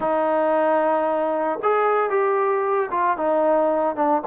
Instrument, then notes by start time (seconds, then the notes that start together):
trombone
0.00 D#4
1.62 G#4
2.09 G4
2.90 F4
3.17 D#4
3.95 D4